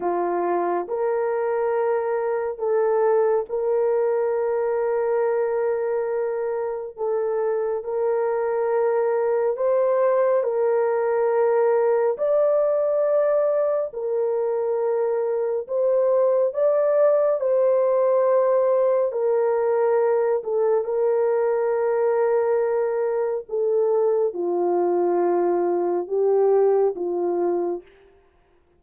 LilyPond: \new Staff \with { instrumentName = "horn" } { \time 4/4 \tempo 4 = 69 f'4 ais'2 a'4 | ais'1 | a'4 ais'2 c''4 | ais'2 d''2 |
ais'2 c''4 d''4 | c''2 ais'4. a'8 | ais'2. a'4 | f'2 g'4 f'4 | }